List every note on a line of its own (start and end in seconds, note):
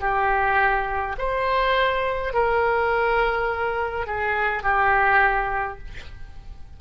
0.00 1.15 G4
1.18 2.33 C5
2.33 4.06 A#4
4.06 4.63 G#4
4.63 5.78 G4